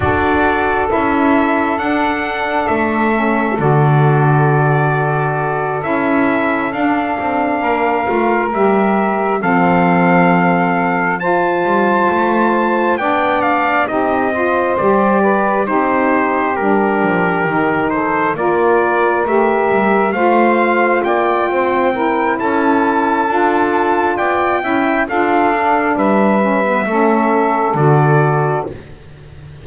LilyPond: <<
  \new Staff \with { instrumentName = "trumpet" } { \time 4/4 \tempo 4 = 67 d''4 e''4 fis''4 e''4 | d''2~ d''8 e''4 f''8~ | f''4. e''4 f''4.~ | f''8 a''2 g''8 f''8 dis''8~ |
dis''8 d''4 c''4 ais'4. | c''8 d''4 e''4 f''4 g''8~ | g''4 a''2 g''4 | f''4 e''2 d''4 | }
  \new Staff \with { instrumentName = "saxophone" } { \time 4/4 a'1~ | a'1~ | a'8 ais'2 a'4.~ | a'8 c''2 d''4 g'8 |
c''4 b'8 g'2~ g'8 | a'8 ais'2 c''4 d''8 | c''8 ais'8 a'2 d''8 e''8 | a'4 b'4 a'2 | }
  \new Staff \with { instrumentName = "saxophone" } { \time 4/4 fis'4 e'4 d'4. cis'8 | fis'2~ fis'8 e'4 d'8~ | d'4 f'8 g'4 c'4.~ | c'8 f'2 d'4 dis'8 |
f'8 g'4 dis'4 d'4 dis'8~ | dis'8 f'4 g'4 f'4.~ | f'8 e'4. f'4. e'8 | f'8 d'4 cis'16 b16 cis'4 fis'4 | }
  \new Staff \with { instrumentName = "double bass" } { \time 4/4 d'4 cis'4 d'4 a4 | d2~ d8 cis'4 d'8 | c'8 ais8 a8 g4 f4.~ | f4 g8 a4 b4 c'8~ |
c'8 g4 c'4 g8 f8 dis8~ | dis8 ais4 a8 g8 a4 ais8 | c'4 cis'4 d'4 b8 cis'8 | d'4 g4 a4 d4 | }
>>